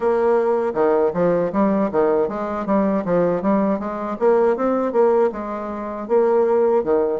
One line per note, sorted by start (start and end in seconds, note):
0.00 0.73 A#3
0.74 1.12 D#3
1.13 1.51 F3
1.52 1.90 G3
1.91 2.28 D#3
2.28 2.65 G#3
2.65 3.03 G3
3.04 3.42 F3
3.42 3.79 G3
3.79 4.17 G#3
4.19 4.56 A#3
4.56 4.92 C4
4.92 5.30 A#3
5.32 6.08 G#3
6.08 6.83 A#3
6.83 7.20 D#3